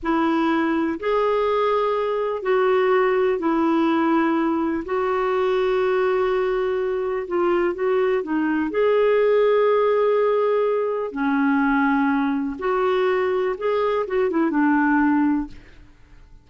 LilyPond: \new Staff \with { instrumentName = "clarinet" } { \time 4/4 \tempo 4 = 124 e'2 gis'2~ | gis'4 fis'2 e'4~ | e'2 fis'2~ | fis'2. f'4 |
fis'4 dis'4 gis'2~ | gis'2. cis'4~ | cis'2 fis'2 | gis'4 fis'8 e'8 d'2 | }